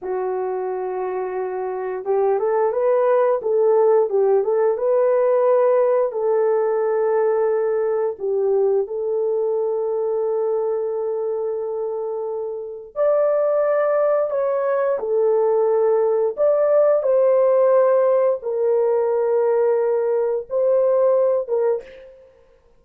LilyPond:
\new Staff \with { instrumentName = "horn" } { \time 4/4 \tempo 4 = 88 fis'2. g'8 a'8 | b'4 a'4 g'8 a'8 b'4~ | b'4 a'2. | g'4 a'2.~ |
a'2. d''4~ | d''4 cis''4 a'2 | d''4 c''2 ais'4~ | ais'2 c''4. ais'8 | }